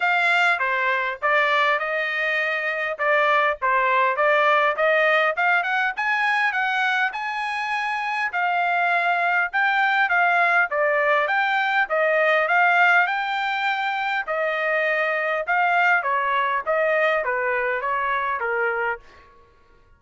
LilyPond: \new Staff \with { instrumentName = "trumpet" } { \time 4/4 \tempo 4 = 101 f''4 c''4 d''4 dis''4~ | dis''4 d''4 c''4 d''4 | dis''4 f''8 fis''8 gis''4 fis''4 | gis''2 f''2 |
g''4 f''4 d''4 g''4 | dis''4 f''4 g''2 | dis''2 f''4 cis''4 | dis''4 b'4 cis''4 ais'4 | }